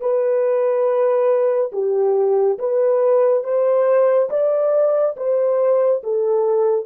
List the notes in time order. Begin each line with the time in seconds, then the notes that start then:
0.00 B4
1.73 G4
2.58 B4
3.44 C5
4.30 D5
5.17 C5
6.04 A4